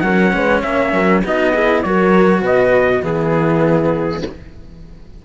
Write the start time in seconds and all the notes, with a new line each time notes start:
0.00 F#3 C#4 A#4 F#5
0.33 G#3 B4
0.61 A#3 C#5 E5
0.92 F#3 A#4
1.24 B3 D#4 F#4 D#5
1.53 E4 G#4
1.82 F#3 F#4 A#4 C#5
2.41 B2 B4 D#5
3.01 E3 B3 E4 G#4